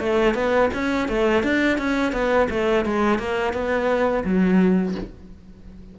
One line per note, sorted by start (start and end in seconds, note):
0.00 0.35 A3
0.35 0.70 B3
0.74 1.09 C#4
1.09 1.44 A3
1.44 1.78 D4
1.78 2.13 C#4
2.13 2.48 B3
2.51 2.86 A3
2.86 3.19 G#3
3.19 3.54 A#3
3.54 4.24 B3
4.25 4.95 F#3